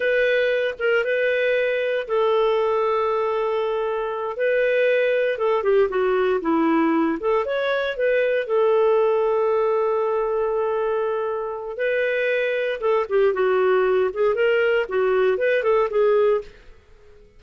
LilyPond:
\new Staff \with { instrumentName = "clarinet" } { \time 4/4 \tempo 4 = 117 b'4. ais'8 b'2 | a'1~ | a'8 b'2 a'8 g'8 fis'8~ | fis'8 e'4. a'8 cis''4 b'8~ |
b'8 a'2.~ a'8~ | a'2. b'4~ | b'4 a'8 g'8 fis'4. gis'8 | ais'4 fis'4 b'8 a'8 gis'4 | }